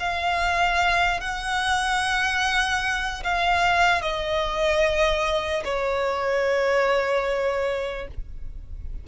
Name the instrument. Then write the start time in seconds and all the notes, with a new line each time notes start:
violin
0.00 F5
1.21 F#5
3.24 F5
4.02 D#5
5.65 C#5